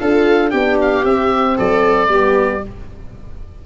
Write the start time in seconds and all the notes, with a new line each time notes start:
0.00 D4 F4 A4 F5
0.51 B3 D4 G4 G5
0.82 F5
1.05 C4 E5
1.57 F#3 A4 D5
2.09 G3 B3 G4